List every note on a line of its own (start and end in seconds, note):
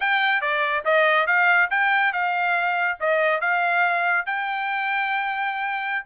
0.00 0.41 G5
0.41 0.84 D5
0.84 1.26 D#5
1.26 1.69 F5
1.70 2.12 G5
2.13 2.98 F5
3.00 3.40 D#5
3.40 4.26 F5
4.26 6.05 G5